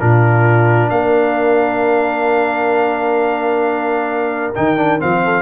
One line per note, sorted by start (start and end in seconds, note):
0.00 0.91 A#2
0.00 4.55 D4
0.00 0.91 F4
0.00 0.90 A#4
0.90 4.55 A#3
0.90 5.24 A#4
0.90 4.54 F5
4.55 5.03 D#3
4.55 4.77 D#4
4.55 5.01 G5
4.77 5.00 D4
5.00 5.42 F3
5.00 5.42 C4
5.00 5.42 F5
5.25 5.42 A4